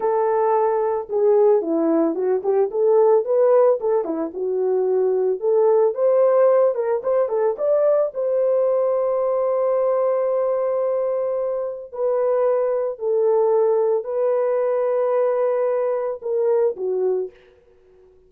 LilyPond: \new Staff \with { instrumentName = "horn" } { \time 4/4 \tempo 4 = 111 a'2 gis'4 e'4 | fis'8 g'8 a'4 b'4 a'8 e'8 | fis'2 a'4 c''4~ | c''8 ais'8 c''8 a'8 d''4 c''4~ |
c''1~ | c''2 b'2 | a'2 b'2~ | b'2 ais'4 fis'4 | }